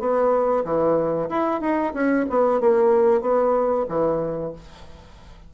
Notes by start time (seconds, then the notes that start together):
0.00 B3
0.65 E3
1.30 E4
1.61 D#4
1.94 C#4
2.30 B3
2.61 A#3
3.21 B3
3.89 E3